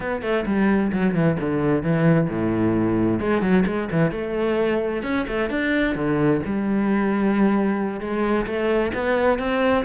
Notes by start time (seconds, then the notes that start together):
0.00 B3
0.21 A3
0.46 G3
0.92 F#3
1.14 E3
1.39 D3
1.82 E3
2.29 A2
3.20 G#3
3.41 F#3
3.66 G#3
3.91 E3
4.11 A3
5.03 C#4
5.27 A3
5.50 D4
5.95 D3
6.45 G3
8.00 G#3
8.46 A3
8.94 B3
9.39 C4